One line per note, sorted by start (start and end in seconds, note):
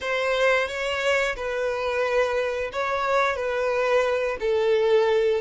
0.00 0.68 C5
0.68 1.35 C#5
1.36 2.71 B4
2.72 3.36 C#5
3.36 4.37 B4
4.40 5.41 A4